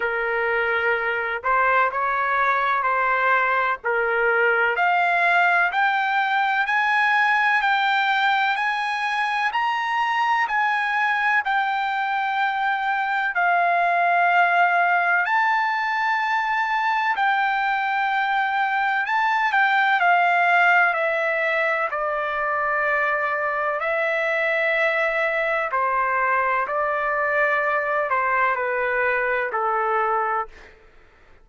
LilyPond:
\new Staff \with { instrumentName = "trumpet" } { \time 4/4 \tempo 4 = 63 ais'4. c''8 cis''4 c''4 | ais'4 f''4 g''4 gis''4 | g''4 gis''4 ais''4 gis''4 | g''2 f''2 |
a''2 g''2 | a''8 g''8 f''4 e''4 d''4~ | d''4 e''2 c''4 | d''4. c''8 b'4 a'4 | }